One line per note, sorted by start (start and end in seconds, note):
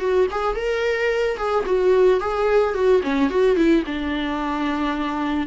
0.00 0.27 F#4
0.31 0.56 G#4
0.56 1.37 A#4
1.37 1.64 G#4
1.66 2.20 F#4
2.20 2.74 G#4
2.74 3.02 F#4
3.03 3.30 C#4
3.30 3.56 F#4
3.56 3.84 E4
3.87 5.47 D4